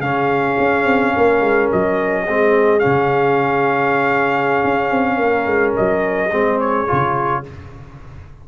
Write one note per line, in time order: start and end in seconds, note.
0.00 0.56 C#3
0.00 2.27 C#4
0.00 1.14 G#4
0.00 1.69 F5
0.59 0.86 C#4
0.86 1.14 C4
1.14 1.41 A#3
1.14 2.24 A#4
1.41 1.69 G#3
1.72 2.29 F#3
1.72 2.80 D#5
2.24 2.85 G#3
2.24 2.80 C4
2.24 5.16 G#4
2.80 6.30 C#4
2.80 5.74 F5
2.86 4.64 C#3
4.64 4.91 C#4
4.91 5.19 C4
5.16 5.46 A#3
5.16 6.29 A#4
5.46 5.74 G#3
5.77 6.32 F#3
5.77 6.60 D#5
6.31 6.88 G#3
6.31 6.87 C4
6.31 7.44 G#4
6.60 7.45 C#5
6.87 7.48 C#3
6.87 7.44 F4